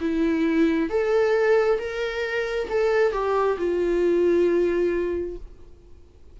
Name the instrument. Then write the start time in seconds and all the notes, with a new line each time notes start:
viola
0.00 E4
0.90 A4
1.78 A#4
2.69 A4
3.12 G4
3.57 F4